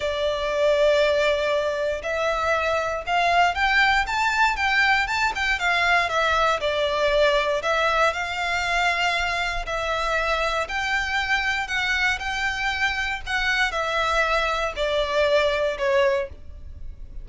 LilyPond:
\new Staff \with { instrumentName = "violin" } { \time 4/4 \tempo 4 = 118 d''1 | e''2 f''4 g''4 | a''4 g''4 a''8 g''8 f''4 | e''4 d''2 e''4 |
f''2. e''4~ | e''4 g''2 fis''4 | g''2 fis''4 e''4~ | e''4 d''2 cis''4 | }